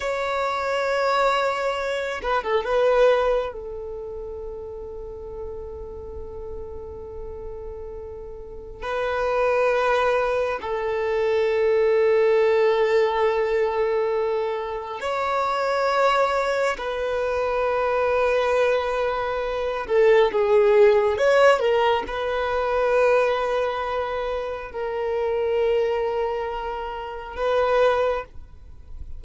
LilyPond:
\new Staff \with { instrumentName = "violin" } { \time 4/4 \tempo 4 = 68 cis''2~ cis''8 b'16 a'16 b'4 | a'1~ | a'2 b'2 | a'1~ |
a'4 cis''2 b'4~ | b'2~ b'8 a'8 gis'4 | cis''8 ais'8 b'2. | ais'2. b'4 | }